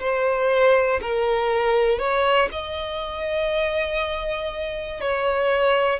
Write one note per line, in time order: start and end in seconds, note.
0.00 1.00 C5
1.01 1.99 A#4
1.99 2.49 C#5
2.52 5.00 D#5
5.00 6.00 C#5